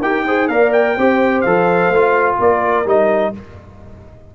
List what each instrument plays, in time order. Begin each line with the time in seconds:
0.00 tuba D#4, trombone G4, horn A#4, trumpet G5
0.26 trombone G#4, horn C5
0.48 tuba A#3, trombone A#4, horn D5, trumpet F5
0.72 trumpet G5
0.95 tuba C4, trombone G4, horn C5
1.41 tuba F3, trombone A4, trumpet F5
1.89 tuba A3, trombone F4
2.38 tuba A#3, horn A#4, trumpet D5
2.85 tuba G3, trombone D#4, trumpet D#5